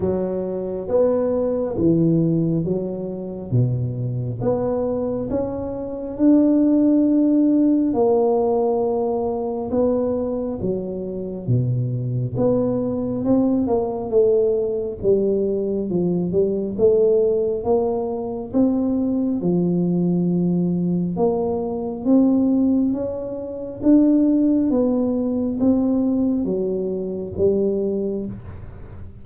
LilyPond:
\new Staff \with { instrumentName = "tuba" } { \time 4/4 \tempo 4 = 68 fis4 b4 e4 fis4 | b,4 b4 cis'4 d'4~ | d'4 ais2 b4 | fis4 b,4 b4 c'8 ais8 |
a4 g4 f8 g8 a4 | ais4 c'4 f2 | ais4 c'4 cis'4 d'4 | b4 c'4 fis4 g4 | }